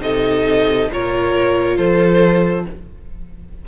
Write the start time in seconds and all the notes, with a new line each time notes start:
0.00 C3 D#4 A4 D#5
0.90 A#2 F4 A#4 C#5
1.76 F3 A4 C5